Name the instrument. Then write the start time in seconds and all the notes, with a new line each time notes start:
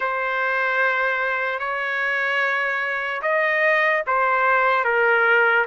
trumpet
0.00 C5
1.59 C#5
3.22 D#5
4.07 C5
4.84 A#4